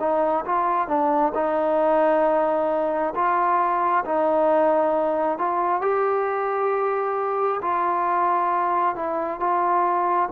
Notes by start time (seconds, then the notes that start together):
0.00 D#4
0.45 F4
0.88 D4
1.35 D#4
3.15 F4
4.05 D#4
5.39 F4
5.82 G4
7.62 F4
8.96 E4
9.40 F4